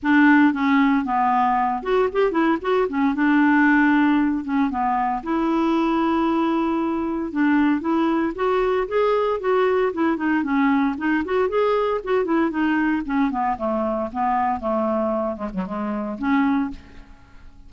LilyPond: \new Staff \with { instrumentName = "clarinet" } { \time 4/4 \tempo 4 = 115 d'4 cis'4 b4. fis'8 | g'8 e'8 fis'8 cis'8 d'2~ | d'8 cis'8 b4 e'2~ | e'2 d'4 e'4 |
fis'4 gis'4 fis'4 e'8 dis'8 | cis'4 dis'8 fis'8 gis'4 fis'8 e'8 | dis'4 cis'8 b8 a4 b4 | a4. gis16 fis16 gis4 cis'4 | }